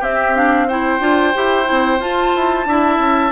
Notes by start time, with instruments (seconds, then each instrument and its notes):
0.00 clarinet C4, bassoon C4, oboe G4, flute E5
0.36 clarinet D4, flute F5
0.68 clarinet E4, oboe C5, flute G5
1.00 bassoon D4, clarinet F4
1.35 bassoon E4, clarinet G4
1.65 bassoon C4, clarinet E4
2.00 bassoon F4, clarinet F4, flute A5
2.36 bassoon E4
2.66 bassoon D4, clarinet E4, oboe E5
2.99 bassoon C#4